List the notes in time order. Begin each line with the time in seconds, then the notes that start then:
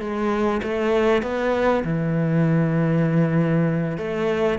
0.00 G#3
0.63 A3
1.22 B3
1.84 E3
3.98 A3